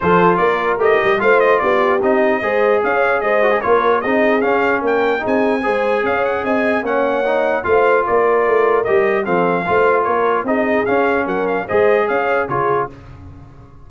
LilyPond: <<
  \new Staff \with { instrumentName = "trumpet" } { \time 4/4 \tempo 4 = 149 c''4 d''4 dis''4 f''8 dis''8 | d''4 dis''2 f''4 | dis''4 cis''4 dis''4 f''4 | g''4 gis''2 f''8 fis''8 |
gis''4 fis''2 f''4 | d''2 dis''4 f''4~ | f''4 cis''4 dis''4 f''4 | fis''8 f''8 dis''4 f''4 cis''4 | }
  \new Staff \with { instrumentName = "horn" } { \time 4/4 a'4 ais'2 c''4 | g'2 c''4 cis''4 | c''4 ais'4 gis'2 | ais'4 gis'4 c''4 cis''4 |
dis''4 cis''2 c''4 | ais'2. a'4 | c''4 ais'4 gis'2 | ais'4 c''4 cis''4 gis'4 | }
  \new Staff \with { instrumentName = "trombone" } { \time 4/4 f'2 g'4 f'4~ | f'4 dis'4 gis'2~ | gis'8 fis'16 gis'16 f'4 dis'4 cis'4~ | cis'4 dis'4 gis'2~ |
gis'4 cis'4 dis'4 f'4~ | f'2 g'4 c'4 | f'2 dis'4 cis'4~ | cis'4 gis'2 f'4 | }
  \new Staff \with { instrumentName = "tuba" } { \time 4/4 f4 ais4 a8 g8 a4 | b4 c'4 gis4 cis'4 | gis4 ais4 c'4 cis'4 | ais4 c'4 gis4 cis'4 |
c'4 ais2 a4 | ais4 a4 g4 f4 | a4 ais4 c'4 cis'4 | fis4 gis4 cis'4 cis4 | }
>>